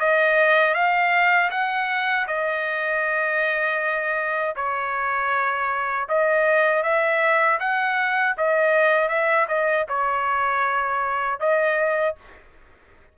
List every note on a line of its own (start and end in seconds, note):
0.00 0.75 D#5
0.75 1.51 F5
1.51 2.27 F#5
2.28 4.56 D#5
4.56 6.08 C#5
6.09 6.83 D#5
6.83 7.59 E5
7.61 8.36 F#5
8.38 9.09 D#5
9.09 9.47 E5
9.49 9.87 D#5
9.89 11.40 C#5
11.40 12.16 D#5